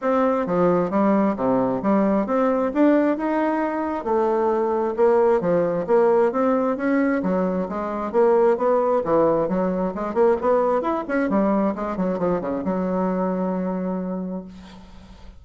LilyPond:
\new Staff \with { instrumentName = "bassoon" } { \time 4/4 \tempo 4 = 133 c'4 f4 g4 c4 | g4 c'4 d'4 dis'4~ | dis'4 a2 ais4 | f4 ais4 c'4 cis'4 |
fis4 gis4 ais4 b4 | e4 fis4 gis8 ais8 b4 | e'8 cis'8 g4 gis8 fis8 f8 cis8 | fis1 | }